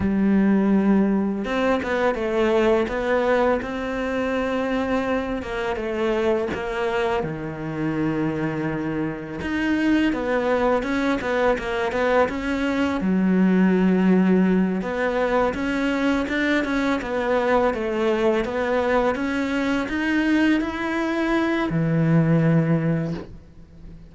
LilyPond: \new Staff \with { instrumentName = "cello" } { \time 4/4 \tempo 4 = 83 g2 c'8 b8 a4 | b4 c'2~ c'8 ais8 | a4 ais4 dis2~ | dis4 dis'4 b4 cis'8 b8 |
ais8 b8 cis'4 fis2~ | fis8 b4 cis'4 d'8 cis'8 b8~ | b8 a4 b4 cis'4 dis'8~ | dis'8 e'4. e2 | }